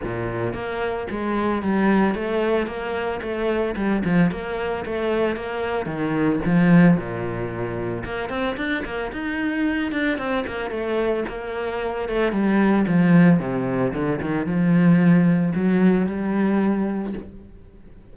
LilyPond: \new Staff \with { instrumentName = "cello" } { \time 4/4 \tempo 4 = 112 ais,4 ais4 gis4 g4 | a4 ais4 a4 g8 f8 | ais4 a4 ais4 dis4 | f4 ais,2 ais8 c'8 |
d'8 ais8 dis'4. d'8 c'8 ais8 | a4 ais4. a8 g4 | f4 c4 d8 dis8 f4~ | f4 fis4 g2 | }